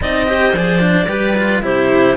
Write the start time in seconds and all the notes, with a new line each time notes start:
0.01 C4 D#4 D5 D#5
0.26 G4 C5
0.53 F3 G#4 D5
0.80 D4
1.08 G3 G4 B4
1.36 F4
1.62 C3 E4 G4 C5